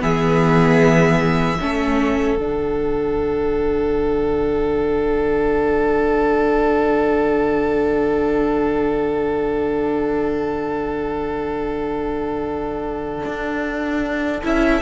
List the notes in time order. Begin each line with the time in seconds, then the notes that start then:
0.00 E3 B3 G#4 E5
1.61 A3 C#4 A4
2.35 D3 D4 F#5
13.26 D4
14.43 C#4 E4 E5